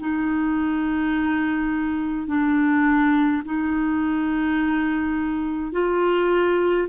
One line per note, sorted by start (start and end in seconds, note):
0.00 2.28 D#4
2.28 3.43 D4
3.46 5.73 D#4
5.73 6.88 F4